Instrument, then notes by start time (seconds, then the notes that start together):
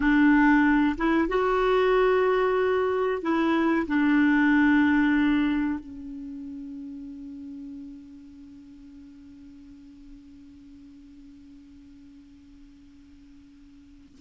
clarinet
0.00 D4
0.97 E4
1.28 F#4
3.22 E4
3.87 D4
5.79 C#4